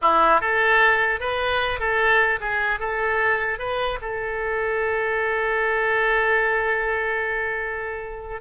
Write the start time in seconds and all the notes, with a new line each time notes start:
0.01 E4
0.40 A4
1.19 B4
1.79 A4
2.40 G#4
2.79 A4
3.59 B4
4.01 A4